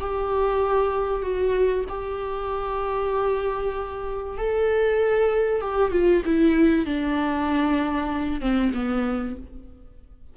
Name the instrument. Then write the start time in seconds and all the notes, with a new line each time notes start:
viola
0.00 G4
1.22 F#4
1.89 G4
4.38 A4
5.61 G4
5.92 F4
6.25 E4
6.86 D4
8.41 C4
8.74 B3